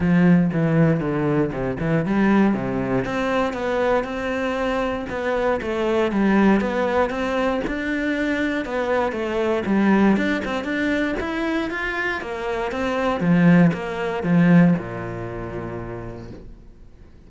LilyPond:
\new Staff \with { instrumentName = "cello" } { \time 4/4 \tempo 4 = 118 f4 e4 d4 c8 e8 | g4 c4 c'4 b4 | c'2 b4 a4 | g4 b4 c'4 d'4~ |
d'4 b4 a4 g4 | d'8 c'8 d'4 e'4 f'4 | ais4 c'4 f4 ais4 | f4 ais,2. | }